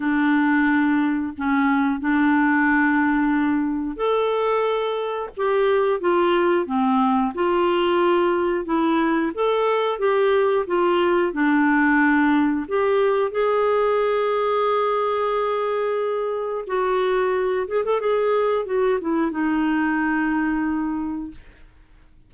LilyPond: \new Staff \with { instrumentName = "clarinet" } { \time 4/4 \tempo 4 = 90 d'2 cis'4 d'4~ | d'2 a'2 | g'4 f'4 c'4 f'4~ | f'4 e'4 a'4 g'4 |
f'4 d'2 g'4 | gis'1~ | gis'4 fis'4. gis'16 a'16 gis'4 | fis'8 e'8 dis'2. | }